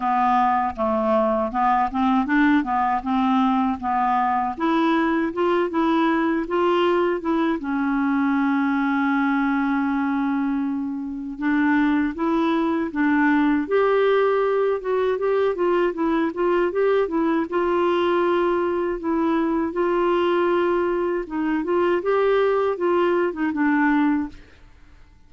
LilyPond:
\new Staff \with { instrumentName = "clarinet" } { \time 4/4 \tempo 4 = 79 b4 a4 b8 c'8 d'8 b8 | c'4 b4 e'4 f'8 e'8~ | e'8 f'4 e'8 cis'2~ | cis'2. d'4 |
e'4 d'4 g'4. fis'8 | g'8 f'8 e'8 f'8 g'8 e'8 f'4~ | f'4 e'4 f'2 | dis'8 f'8 g'4 f'8. dis'16 d'4 | }